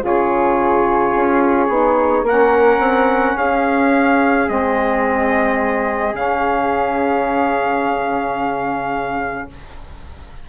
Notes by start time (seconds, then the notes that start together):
0.00 C#3 F4 G#4
0.06 C#5
1.15 C#4
1.69 B3 D#4
2.23 A#3 C#4 A#4 F#5
2.79 C4
3.35 C#4 G#4 F5
4.47 G#3 C4 D#5
6.13 C#3 C#4 F5